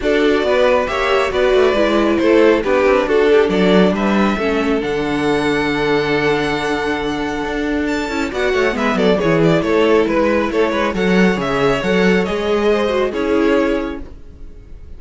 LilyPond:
<<
  \new Staff \with { instrumentName = "violin" } { \time 4/4 \tempo 4 = 137 d''2 e''4 d''4~ | d''4 c''4 b'4 a'4 | d''4 e''2 fis''4~ | fis''1~ |
fis''2 a''4 fis''4 | e''8 d''8 cis''8 d''8 cis''4 b'4 | cis''4 fis''4 e''4 fis''4 | dis''2 cis''2 | }
  \new Staff \with { instrumentName = "violin" } { \time 4/4 a'4 b'4 cis''4 b'4~ | b'4 a'4 g'4 fis'8 g'8 | a'4 b'4 a'2~ | a'1~ |
a'2. d''8 cis''8 | b'8 a'8 gis'4 a'4 b'4 | a'8 b'8 cis''2.~ | cis''4 c''4 gis'2 | }
  \new Staff \with { instrumentName = "viola" } { \time 4/4 fis'2 g'4 fis'4 | e'2 d'2~ | d'2 cis'4 d'4~ | d'1~ |
d'2~ d'8 e'8 fis'4 | b4 e'2.~ | e'4 a'4 gis'4 a'4 | gis'4. fis'8 e'2 | }
  \new Staff \with { instrumentName = "cello" } { \time 4/4 d'4 b4 ais4 b8 a8 | gis4 a4 b8 c'8 d'4 | fis4 g4 a4 d4~ | d1~ |
d4 d'4. cis'8 b8 a8 | gis8 fis8 e4 a4 gis4 | a8 gis8 fis4 cis4 fis4 | gis2 cis'2 | }
>>